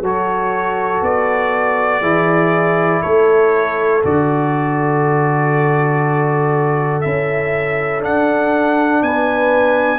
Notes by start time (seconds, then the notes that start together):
0.00 F#3 F#4 A4 C#5
1.01 B3 D5
2.01 E3 E4 G#4
3.02 A3 A4 C#5
4.03 D3 F#4 D5
7.01 C#4 E4 E5
8.00 D4 F#5
9.02 B3 B4 G#5